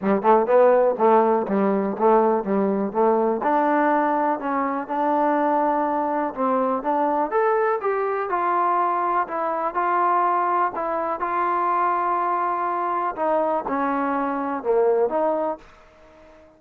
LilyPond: \new Staff \with { instrumentName = "trombone" } { \time 4/4 \tempo 4 = 123 g8 a8 b4 a4 g4 | a4 g4 a4 d'4~ | d'4 cis'4 d'2~ | d'4 c'4 d'4 a'4 |
g'4 f'2 e'4 | f'2 e'4 f'4~ | f'2. dis'4 | cis'2 ais4 dis'4 | }